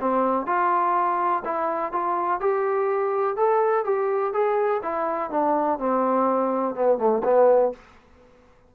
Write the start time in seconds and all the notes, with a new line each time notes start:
0.00 C4
0.46 F4
1.45 E4
1.92 F4
2.40 G4
3.36 A4
3.84 G4
4.33 G#4
4.83 E4
5.30 D4
5.78 C4
6.75 B3
6.98 A3
7.24 B3